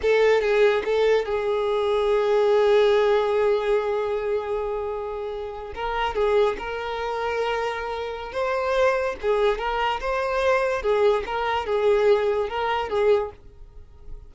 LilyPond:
\new Staff \with { instrumentName = "violin" } { \time 4/4 \tempo 4 = 144 a'4 gis'4 a'4 gis'4~ | gis'1~ | gis'1~ | gis'4.~ gis'16 ais'4 gis'4 ais'16~ |
ais'1 | c''2 gis'4 ais'4 | c''2 gis'4 ais'4 | gis'2 ais'4 gis'4 | }